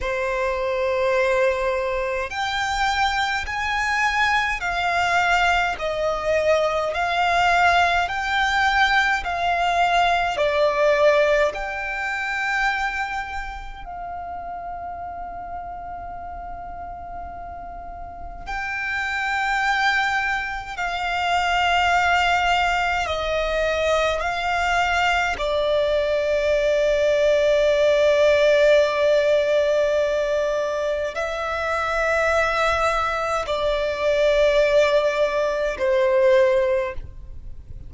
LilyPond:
\new Staff \with { instrumentName = "violin" } { \time 4/4 \tempo 4 = 52 c''2 g''4 gis''4 | f''4 dis''4 f''4 g''4 | f''4 d''4 g''2 | f''1 |
g''2 f''2 | dis''4 f''4 d''2~ | d''2. e''4~ | e''4 d''2 c''4 | }